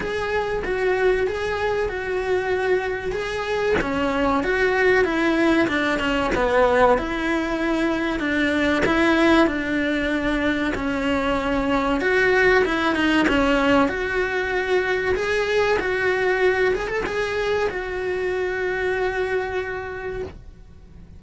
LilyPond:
\new Staff \with { instrumentName = "cello" } { \time 4/4 \tempo 4 = 95 gis'4 fis'4 gis'4 fis'4~ | fis'4 gis'4 cis'4 fis'4 | e'4 d'8 cis'8 b4 e'4~ | e'4 d'4 e'4 d'4~ |
d'4 cis'2 fis'4 | e'8 dis'8 cis'4 fis'2 | gis'4 fis'4. gis'16 a'16 gis'4 | fis'1 | }